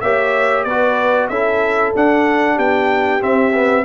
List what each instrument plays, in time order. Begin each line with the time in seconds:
0.00 tuba A#3, trombone G4, horn C#5, trumpet E5
0.64 tuba B3, trombone F#4, horn B4, trumpet D5
1.28 tuba C#4, trombone E4, horn A4, trumpet E5
1.95 trombone D4, tuba D4, trumpet F#5
2.55 tuba B3, horn G4, trumpet G5
3.20 trombone C4, tuba C4, trumpet E5
3.53 trombone B3